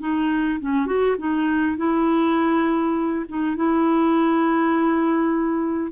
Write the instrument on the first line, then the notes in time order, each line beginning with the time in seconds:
clarinet
0.00 D#4
0.60 C#4
0.86 F#4
1.19 D#4
1.77 E4
3.29 D#4
3.56 E4